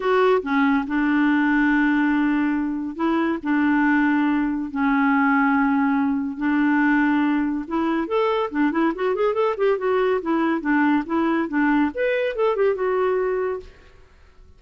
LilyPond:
\new Staff \with { instrumentName = "clarinet" } { \time 4/4 \tempo 4 = 141 fis'4 cis'4 d'2~ | d'2. e'4 | d'2. cis'4~ | cis'2. d'4~ |
d'2 e'4 a'4 | d'8 e'8 fis'8 gis'8 a'8 g'8 fis'4 | e'4 d'4 e'4 d'4 | b'4 a'8 g'8 fis'2 | }